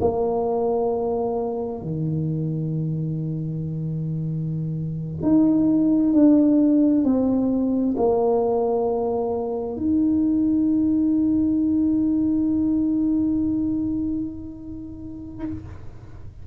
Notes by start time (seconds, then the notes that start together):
0.00 A#3
1.81 D#3
5.22 D#4
6.13 D4
7.04 C4
7.97 A#3
9.76 D#4